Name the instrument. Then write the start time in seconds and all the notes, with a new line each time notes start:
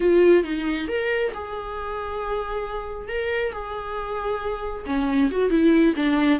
viola
0.00 F4
0.43 D#4
0.88 A#4
1.34 G#4
3.08 A#4
3.52 G#4
4.86 C#4
5.31 F#4
5.50 E4
5.96 D4